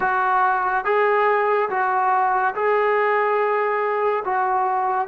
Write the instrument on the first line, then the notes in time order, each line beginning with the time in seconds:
trombone
0.00 F#4
0.85 G#4
1.69 F#4
2.54 G#4
4.24 F#4